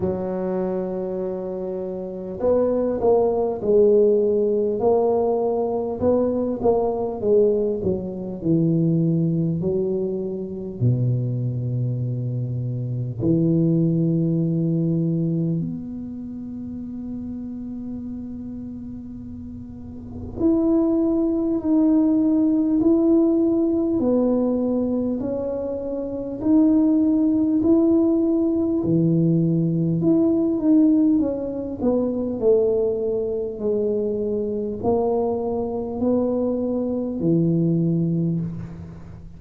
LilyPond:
\new Staff \with { instrumentName = "tuba" } { \time 4/4 \tempo 4 = 50 fis2 b8 ais8 gis4 | ais4 b8 ais8 gis8 fis8 e4 | fis4 b,2 e4~ | e4 b2.~ |
b4 e'4 dis'4 e'4 | b4 cis'4 dis'4 e'4 | e4 e'8 dis'8 cis'8 b8 a4 | gis4 ais4 b4 e4 | }